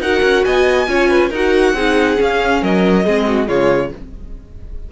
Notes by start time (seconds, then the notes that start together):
0.00 D#4 F#4 A#4 F#5
0.23 C#4
0.44 B3 D#5 G#5
0.88 C#4 F4 C#5
1.09 B4
1.30 D#4 F#4 A#4 F#5
1.74 C4 D#4 G#4
2.17 C#4 F5
2.62 F#3 A#4 D#5
3.05 G#3 C4 G#4
3.28 F#4
3.47 C#3 G#3 F4 C#5